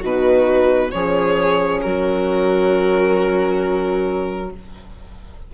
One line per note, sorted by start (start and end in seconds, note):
0.00 0.93 B2
0.00 0.90 D#4
0.00 0.90 F#4
0.00 0.91 B4
0.90 1.83 F3
0.90 4.49 C#4
0.90 1.84 G#4
0.90 1.80 C#5
1.82 4.54 F#3
1.82 4.53 F#4
1.82 4.50 A#4